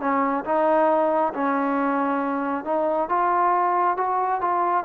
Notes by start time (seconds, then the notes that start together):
0.00 C#4
0.45 D#4
1.34 C#4
2.64 D#4
3.09 F4
3.97 F#4
4.41 F4